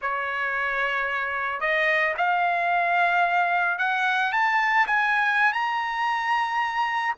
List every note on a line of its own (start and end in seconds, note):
0.01 1.60 C#5
1.60 2.14 D#5
2.17 3.78 F5
3.78 4.32 F#5
4.32 4.86 A5
4.86 5.52 G#5
5.52 7.14 A#5